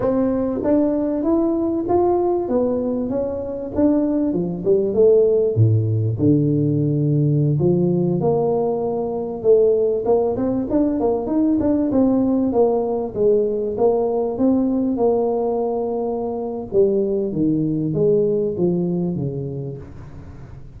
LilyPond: \new Staff \with { instrumentName = "tuba" } { \time 4/4 \tempo 4 = 97 c'4 d'4 e'4 f'4 | b4 cis'4 d'4 f8 g8 | a4 a,4 d2~ | d16 f4 ais2 a8.~ |
a16 ais8 c'8 d'8 ais8 dis'8 d'8 c'8.~ | c'16 ais4 gis4 ais4 c'8.~ | c'16 ais2~ ais8. g4 | dis4 gis4 f4 cis4 | }